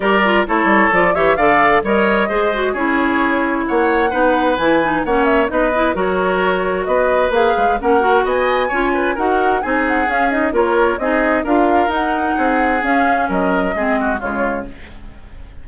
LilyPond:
<<
  \new Staff \with { instrumentName = "flute" } { \time 4/4 \tempo 4 = 131 d''4 cis''4 d''8 e''8 f''4 | dis''2 cis''2 | fis''2 gis''4 fis''8 e''8 | dis''4 cis''2 dis''4 |
f''4 fis''4 gis''2 | fis''4 gis''8 fis''8 f''8 dis''8 cis''4 | dis''4 f''4 fis''2 | f''4 dis''2 cis''4 | }
  \new Staff \with { instrumentName = "oboe" } { \time 4/4 ais'4 a'4. cis''8 d''4 | cis''4 c''4 gis'2 | cis''4 b'2 cis''4 | b'4 ais'2 b'4~ |
b'4 ais'4 dis''4 cis''8 b'8 | ais'4 gis'2 ais'4 | gis'4 ais'2 gis'4~ | gis'4 ais'4 gis'8 fis'8 f'4 | }
  \new Staff \with { instrumentName = "clarinet" } { \time 4/4 g'8 f'8 e'4 f'8 g'8 a'4 | ais'4 gis'8 fis'8 e'2~ | e'4 dis'4 e'8 dis'8 cis'4 | dis'8 e'8 fis'2. |
gis'4 cis'8 fis'4. f'4 | fis'4 dis'4 cis'8 dis'8 f'4 | dis'4 f'4 dis'2 | cis'2 c'4 gis4 | }
  \new Staff \with { instrumentName = "bassoon" } { \time 4/4 g4 a8 g8 f8 e8 d4 | g4 gis4 cis'2 | ais4 b4 e4 ais4 | b4 fis2 b4 |
ais8 gis8 ais4 b4 cis'4 | dis'4 c'4 cis'4 ais4 | c'4 d'4 dis'4 c'4 | cis'4 fis4 gis4 cis4 | }
>>